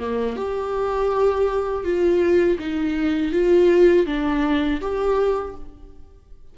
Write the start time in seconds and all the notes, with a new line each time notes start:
0.00 A#3
0.37 G4
1.85 F4
2.60 D#4
3.33 F4
4.07 D4
4.81 G4